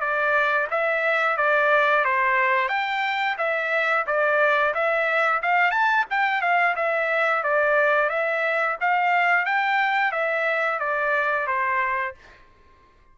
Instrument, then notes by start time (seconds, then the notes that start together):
trumpet
0.00 D5
0.70 E5
1.37 D5
2.04 C5
2.69 G5
3.38 E5
4.06 D5
4.74 E5
5.42 F5
5.71 A5
6.10 G5
6.41 F5
6.76 E5
7.43 D5
8.10 E5
8.81 F5
9.45 G5
10.12 E5
10.80 D5
11.47 C5